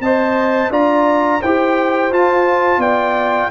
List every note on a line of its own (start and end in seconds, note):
0.00 0.70 C4
0.00 0.71 C5
0.00 0.72 D#5
0.00 0.71 A5
0.70 1.40 D4
0.70 1.41 F4
0.70 1.41 D5
0.70 1.42 A#5
1.41 2.11 E4
1.41 2.12 G4
1.41 2.80 C5
1.41 2.12 G5
2.11 2.78 F4
2.11 3.51 F4
2.11 2.81 A5
2.78 3.47 B3
2.78 3.50 D5
2.78 3.51 G5